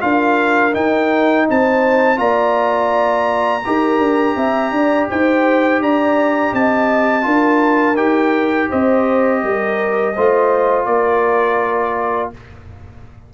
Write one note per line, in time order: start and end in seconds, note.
0.00 0.75 D4
0.00 0.72 F4
0.00 1.48 A#4
0.00 0.74 F5
0.72 2.16 D#4
0.72 1.48 D#4
0.72 1.47 G5
1.50 2.18 C4
1.50 2.19 C5
1.50 2.18 A5
2.16 3.63 A#3
2.16 3.61 F4
2.16 3.64 D5
2.16 5.07 A#5
3.65 3.99 D#4
3.65 7.22 G4
3.65 4.36 A#4
3.99 4.35 D4
4.36 4.71 C4
4.36 4.72 E5
4.71 5.07 D4
4.71 5.10 D5
5.10 5.80 D#4
5.10 5.82 C5
5.10 5.82 G5
5.80 6.52 D4
5.80 6.53 D5
5.80 6.54 A#5
6.53 7.26 C4
6.53 7.25 D#5
6.53 7.96 A5
7.22 7.96 D4
7.22 7.94 F4
7.22 8.69 A#4
7.96 8.68 D#4
7.96 10.13 G4
7.96 8.69 G5
8.69 9.43 C4
8.69 9.41 C5
8.69 10.85 D#5
9.43 10.16 G3
9.43 10.15 A#4
10.15 10.86 A3
10.15 12.33 F4
10.15 10.87 C5
10.85 12.31 A#3
10.85 12.32 A#4
10.85 12.30 D5